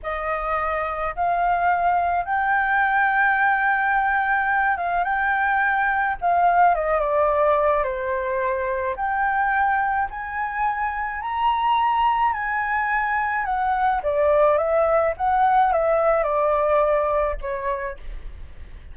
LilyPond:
\new Staff \with { instrumentName = "flute" } { \time 4/4 \tempo 4 = 107 dis''2 f''2 | g''1~ | g''8 f''8 g''2 f''4 | dis''8 d''4. c''2 |
g''2 gis''2 | ais''2 gis''2 | fis''4 d''4 e''4 fis''4 | e''4 d''2 cis''4 | }